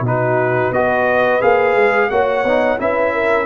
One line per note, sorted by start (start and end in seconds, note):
0.00 0.69 B2
0.00 0.74 D#4
0.00 0.75 F#4
0.07 0.73 B4
0.71 1.40 B3
0.71 1.41 F#4
0.71 2.11 B4
0.71 1.42 D#5
1.41 1.75 A#3
1.41 2.10 G#4
1.41 2.10 F5
1.75 2.10 G#3
2.10 2.43 A#3
2.10 2.45 F#4
2.10 2.80 C#5
2.10 2.79 F#5
2.43 2.78 B3
2.43 2.78 D#4
2.78 3.46 C#4
2.78 3.46 E4
2.78 3.13 B4
2.78 3.46 E5
3.13 3.46 A#4